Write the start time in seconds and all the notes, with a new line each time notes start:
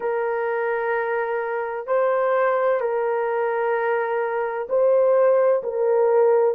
0.00 A#4
1.87 C5
2.80 A#4
4.69 C5
5.62 A#4